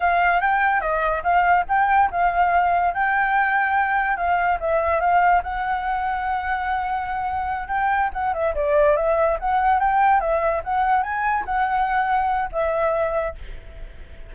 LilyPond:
\new Staff \with { instrumentName = "flute" } { \time 4/4 \tempo 4 = 144 f''4 g''4 dis''4 f''4 | g''4 f''2 g''4~ | g''2 f''4 e''4 | f''4 fis''2.~ |
fis''2~ fis''8 g''4 fis''8 | e''8 d''4 e''4 fis''4 g''8~ | g''8 e''4 fis''4 gis''4 fis''8~ | fis''2 e''2 | }